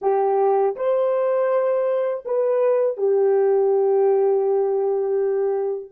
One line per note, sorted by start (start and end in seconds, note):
0.01 0.75 G4
0.76 2.24 C5
2.25 2.97 B4
2.97 5.91 G4